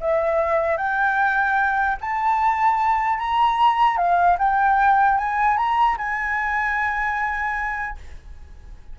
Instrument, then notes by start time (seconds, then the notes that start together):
flute
0.00 E5
0.77 G5
2.00 A5
3.18 A#5
3.97 F5
4.38 G5
5.17 G#5
5.57 A#5
5.97 G#5